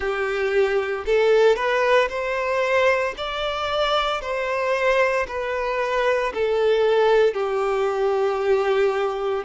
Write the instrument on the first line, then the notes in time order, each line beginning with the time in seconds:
violin
0.00 G4
1.06 A4
1.56 B4
2.09 C5
3.17 D5
4.21 C5
5.27 B4
6.34 A4
7.33 G4